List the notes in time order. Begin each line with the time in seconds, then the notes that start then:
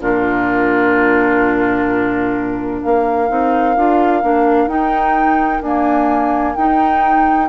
0.00 A#2 D4 F4 A#4
2.80 A#3 A#4 F5
3.28 C4 D#4
3.77 D4 F4
4.22 A#3 D4
4.67 D#4 G5
5.61 A#3 D4 G#5
6.56 D#4 G5